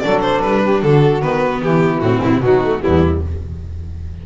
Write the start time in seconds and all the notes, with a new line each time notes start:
0.00 F#3 D4 A4 D5
0.22 C5
0.42 G3 B4
0.62 G4
0.83 D3 F#4 A4
1.22 D#3 B3 B4
1.62 E3 E4 G4
2.01 A2 C4 F#4
2.23 B2 E4
2.33 C3
2.41 B2 F#3 D#4 F#4
2.64 A3
2.80 G3 B3 E4
2.86 E2